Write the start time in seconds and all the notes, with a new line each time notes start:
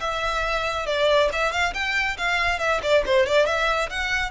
0.00 E5
0.86 D5
1.32 E5
1.51 F5
1.74 G5
2.17 F5
2.59 E5
2.82 D5
3.06 C5
3.26 D5
3.46 E5
3.89 F#5